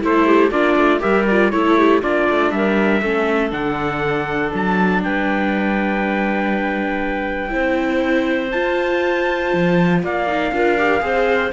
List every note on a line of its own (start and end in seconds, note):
0.00 0.50 A3
0.00 0.50 E4
0.00 0.26 A4
0.00 0.51 C5
0.26 0.51 G4
0.50 0.75 A#3
0.50 0.99 D4
0.50 1.01 F4
0.50 1.01 D5
0.76 1.01 A3
0.99 1.52 G3
0.99 1.24 G4
0.99 1.51 A#4
0.99 1.26 E5
1.27 1.52 F4
1.27 1.50 D5
1.50 2.02 A3
1.50 2.02 E4
1.50 1.77 A4
1.50 2.00 C#5
1.77 2.01 G4
2.01 2.28 A#3
2.01 3.02 D4
2.01 2.51 F4
2.01 2.51 D5
2.30 2.51 A3
2.51 3.01 G3
2.51 3.01 A#4
2.51 3.51 E5
3.01 3.52 A3
3.01 3.50 C#4
3.01 5.01 A4
3.50 4.52 D3
3.50 7.49 D4
3.50 4.52 F#5
4.54 5.04 F#3
4.54 5.03 A5
5.03 7.54 G3
5.03 7.52 B4
5.03 8.51 G5
7.49 8.53 C4
7.49 8.49 E4
7.49 10.02 C5
8.51 10.27 F4
8.51 9.53 F4
8.51 10.01 A5
9.53 10.03 F3
10.03 10.51 A#3
10.03 10.53 D5
10.03 11.52 F5
10.27 10.52 D#4
10.51 11.01 D4
10.51 10.77 F4
10.51 11.03 A#4
10.77 11.00 G4
11.00 11.52 C4
11.00 11.50 G#4
11.00 11.52 C5